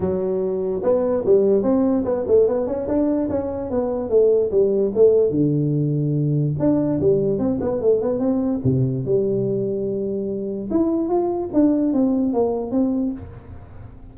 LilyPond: \new Staff \with { instrumentName = "tuba" } { \time 4/4 \tempo 4 = 146 fis2 b4 g4 | c'4 b8 a8 b8 cis'8 d'4 | cis'4 b4 a4 g4 | a4 d2. |
d'4 g4 c'8 b8 a8 b8 | c'4 c4 g2~ | g2 e'4 f'4 | d'4 c'4 ais4 c'4 | }